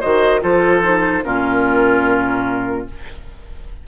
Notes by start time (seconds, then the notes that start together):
0.00 D#3 F#4 C5 D#5
0.41 F3 F4 A4 C5
0.82 D#4
1.23 A#2 C#4 F4 A#4